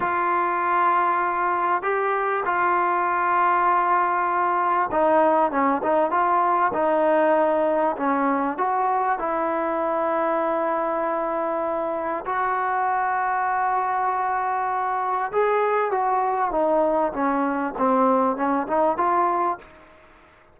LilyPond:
\new Staff \with { instrumentName = "trombone" } { \time 4/4 \tempo 4 = 98 f'2. g'4 | f'1 | dis'4 cis'8 dis'8 f'4 dis'4~ | dis'4 cis'4 fis'4 e'4~ |
e'1 | fis'1~ | fis'4 gis'4 fis'4 dis'4 | cis'4 c'4 cis'8 dis'8 f'4 | }